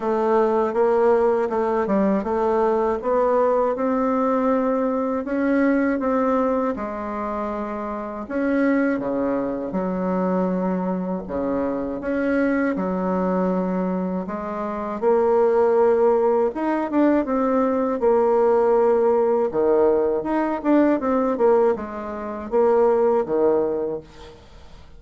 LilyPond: \new Staff \with { instrumentName = "bassoon" } { \time 4/4 \tempo 4 = 80 a4 ais4 a8 g8 a4 | b4 c'2 cis'4 | c'4 gis2 cis'4 | cis4 fis2 cis4 |
cis'4 fis2 gis4 | ais2 dis'8 d'8 c'4 | ais2 dis4 dis'8 d'8 | c'8 ais8 gis4 ais4 dis4 | }